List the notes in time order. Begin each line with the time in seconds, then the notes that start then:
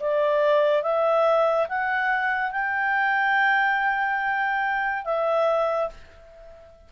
0.00 D5
0.82 E5
1.68 F#5
2.51 G5
5.04 E5